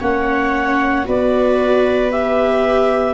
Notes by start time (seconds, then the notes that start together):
0.00 A#3 C#4 C#5 F#5
1.05 B3 F#4 B4 D5
2.12 G4 E5